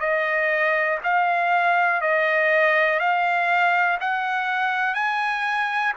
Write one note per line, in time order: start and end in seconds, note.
0.00 0.98 D#5
1.03 2.01 F5
2.01 2.99 D#5
3.00 3.98 F5
4.00 4.94 F#5
4.94 5.93 G#5